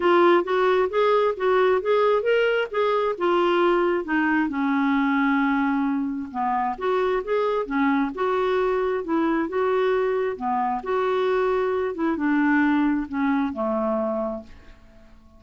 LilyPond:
\new Staff \with { instrumentName = "clarinet" } { \time 4/4 \tempo 4 = 133 f'4 fis'4 gis'4 fis'4 | gis'4 ais'4 gis'4 f'4~ | f'4 dis'4 cis'2~ | cis'2 b4 fis'4 |
gis'4 cis'4 fis'2 | e'4 fis'2 b4 | fis'2~ fis'8 e'8 d'4~ | d'4 cis'4 a2 | }